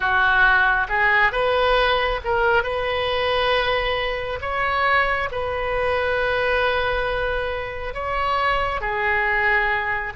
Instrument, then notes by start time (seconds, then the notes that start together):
oboe
0.00 F#4
0.88 G#4
1.32 B4
2.24 A#4
2.63 B4
4.41 C#5
5.31 B4
7.94 C#5
8.80 G#4